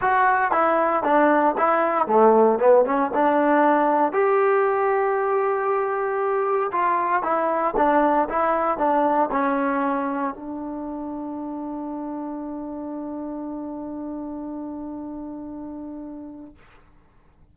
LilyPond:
\new Staff \with { instrumentName = "trombone" } { \time 4/4 \tempo 4 = 116 fis'4 e'4 d'4 e'4 | a4 b8 cis'8 d'2 | g'1~ | g'4 f'4 e'4 d'4 |
e'4 d'4 cis'2 | d'1~ | d'1~ | d'1 | }